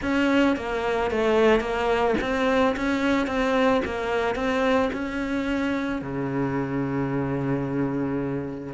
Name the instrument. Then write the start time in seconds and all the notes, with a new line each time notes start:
cello
0.01 C#4
0.56 A#3
1.11 A3
1.60 A#3
2.21 C4
2.76 C#4
3.27 C4
3.84 A#3
4.35 C4
4.92 C#4
6.01 C#3